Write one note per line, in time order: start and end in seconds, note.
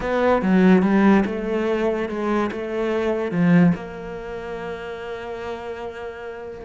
0.00 0.42 B3
0.42 0.82 F#3
0.82 1.24 G3
1.25 2.08 A3
2.08 2.50 G#3
2.51 3.31 A3
3.31 3.72 F3
3.75 6.64 A#3